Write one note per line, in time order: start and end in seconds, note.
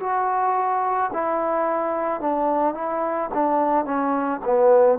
0.00 1.11 F#4
1.13 2.21 E4
2.21 2.75 D4
2.75 3.30 E4
3.34 3.85 D4
3.85 4.41 C#4
4.44 4.99 B3